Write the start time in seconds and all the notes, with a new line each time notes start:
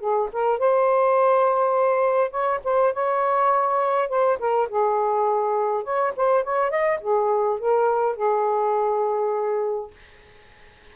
0.00 G#4
0.33 A#4
0.59 C5
2.31 C#5
2.64 C5
2.93 C#5
4.09 C5
4.39 A#4
4.69 G#4
5.84 C#5
6.16 C5
6.44 C#5
6.70 D#5
7.01 G#4
7.59 A#4
8.16 G#4